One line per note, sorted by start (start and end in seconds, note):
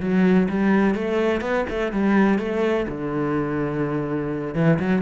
0.00 0.48 F#3
0.49 0.94 G3
0.94 1.41 A3
1.41 1.65 B3
1.69 1.92 A3
1.92 2.38 G3
2.38 2.86 A3
2.88 4.54 D3
4.54 4.78 E3
4.79 5.02 F#3